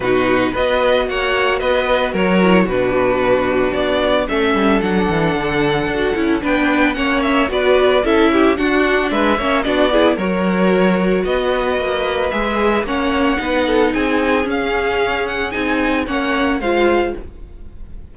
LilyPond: <<
  \new Staff \with { instrumentName = "violin" } { \time 4/4 \tempo 4 = 112 b'4 dis''4 fis''4 dis''4 | cis''4 b'2 d''4 | e''4 fis''2. | g''4 fis''8 e''8 d''4 e''4 |
fis''4 e''4 d''4 cis''4~ | cis''4 dis''2 e''4 | fis''2 gis''4 f''4~ | f''8 fis''8 gis''4 fis''4 f''4 | }
  \new Staff \with { instrumentName = "violin" } { \time 4/4 fis'4 b'4 cis''4 b'4 | ais'4 fis'2. | a'1 | b'4 cis''4 b'4 a'8 g'8 |
fis'4 b'8 cis''8 fis'8 gis'8 ais'4~ | ais'4 b'2. | cis''4 b'8 a'8 gis'2~ | gis'2 cis''4 c''4 | }
  \new Staff \with { instrumentName = "viola" } { \time 4/4 dis'4 fis'2.~ | fis'8 e'8 d'2. | cis'4 d'2 fis'8 e'8 | d'4 cis'4 fis'4 e'4 |
d'4. cis'8 d'8 e'8 fis'4~ | fis'2. gis'4 | cis'4 dis'2 cis'4~ | cis'4 dis'4 cis'4 f'4 | }
  \new Staff \with { instrumentName = "cello" } { \time 4/4 b,4 b4 ais4 b4 | fis4 b,2 b4 | a8 g8 fis8 e8 d4 d'8 cis'8 | b4 ais4 b4 cis'4 |
d'4 gis8 ais8 b4 fis4~ | fis4 b4 ais4 gis4 | ais4 b4 c'4 cis'4~ | cis'4 c'4 ais4 gis4 | }
>>